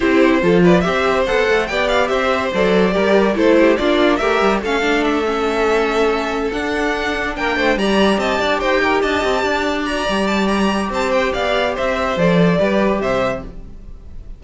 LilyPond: <<
  \new Staff \with { instrumentName = "violin" } { \time 4/4 \tempo 4 = 143 c''4. d''8 e''4 fis''4 | g''8 f''8 e''4 d''2 | c''4 d''4 e''4 f''4 | e''2.~ e''8 fis''8~ |
fis''4. g''4 ais''4 a''8~ | a''8 g''4 a''2 ais''8~ | ais''8 a''8 ais''4 a''8 g''8 f''4 | e''4 d''2 e''4 | }
  \new Staff \with { instrumentName = "violin" } { \time 4/4 g'4 a'8 b'8 c''2 | d''4 c''2 ais'4 | a'8 g'8 f'4 ais'4 a'4~ | a'1~ |
a'4. ais'8 c''8 d''4 dis''8 | d''8 c''8 ais'8 dis''4 d''4.~ | d''2 c''4 d''4 | c''2 b'4 c''4 | }
  \new Staff \with { instrumentName = "viola" } { \time 4/4 e'4 f'4 g'4 a'4 | g'2 a'4 g'4 | e'4 d'4 g'4 cis'8 d'8~ | d'8 cis'2. d'8~ |
d'2~ d'8 g'4.~ | g'2.~ g'8 fis'8 | g'1~ | g'4 a'4 g'2 | }
  \new Staff \with { instrumentName = "cello" } { \time 4/4 c'4 f4 c'4 b8 a8 | b4 c'4 fis4 g4 | a4 ais4 a8 g8 a4~ | a2.~ a8 d'8~ |
d'4. ais8 a8 g4 c'8 | d'8 dis'4 d'8 c'8 d'4. | g2 c'4 b4 | c'4 f4 g4 c4 | }
>>